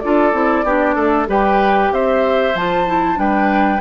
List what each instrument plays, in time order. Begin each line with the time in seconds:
0.00 bassoon D4, clarinet F4, oboe A4, flute D5
0.33 bassoon C4, clarinet E4
0.64 bassoon B3, clarinet D4, oboe G4
0.95 bassoon A3, oboe A4
1.27 bassoon G3, clarinet G4, oboe B4, flute G5
1.92 bassoon C4, oboe C5, flute E5
2.55 bassoon F3, clarinet F4, flute A5
2.87 clarinet E4
3.16 bassoon G3, clarinet D4, oboe B4, flute G5